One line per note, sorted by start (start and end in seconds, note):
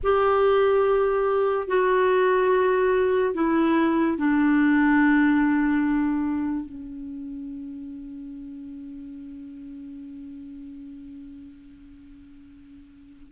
0.03 1.67 G4
1.67 3.34 F#4
3.34 4.17 E4
4.17 6.65 D4
6.65 13.32 C#4